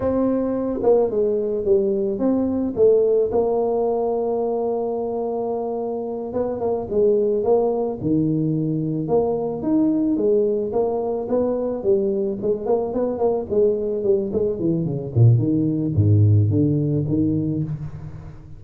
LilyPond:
\new Staff \with { instrumentName = "tuba" } { \time 4/4 \tempo 4 = 109 c'4. ais8 gis4 g4 | c'4 a4 ais2~ | ais2.~ ais8 b8 | ais8 gis4 ais4 dis4.~ |
dis8 ais4 dis'4 gis4 ais8~ | ais8 b4 g4 gis8 ais8 b8 | ais8 gis4 g8 gis8 e8 cis8 ais,8 | dis4 gis,4 d4 dis4 | }